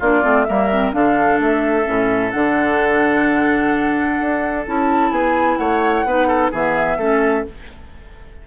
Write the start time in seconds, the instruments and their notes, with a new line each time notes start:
0.00 bassoon A#3, clarinet D4, oboe F4, flute D5
0.23 bassoon A3, clarinet C4
0.44 bassoon G3, clarinet A#3, oboe A#4, flute E5
0.72 clarinet C4
0.93 bassoon D3, clarinet D4, oboe A4, flute F5
1.40 bassoon A3, flute E5
1.85 bassoon A2, clarinet C#4
2.31 bassoon D3, clarinet D4, flute F#5
4.21 bassoon D4
4.67 bassoon C#4, clarinet E4, flute A5
5.11 bassoon B3, oboe G#4, flute G#5
5.57 bassoon A3, oboe C#5, flute F#5
6.05 bassoon B3, clarinet D#4, oboe B4
6.28 oboe A4
6.52 bassoon E3, clarinet B3, oboe G#4, flute E5
6.98 bassoon A3, clarinet C#4, oboe A4